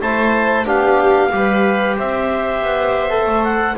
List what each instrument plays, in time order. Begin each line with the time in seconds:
0.00 double bass A3, trombone E4, viola C5, clarinet A5
0.65 double bass B3, trombone D4, viola G4, clarinet F5
1.31 double bass G3, trombone G4, viola B4
1.97 double bass C4, viola C5, clarinet E5
2.62 double bass B3
3.10 trombone A4
3.26 double bass A3
3.44 clarinet F#5